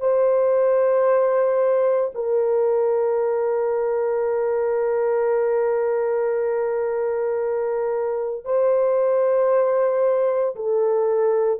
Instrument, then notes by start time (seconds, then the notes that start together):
horn
0.00 C5
2.14 A#4
8.45 C5
10.56 A4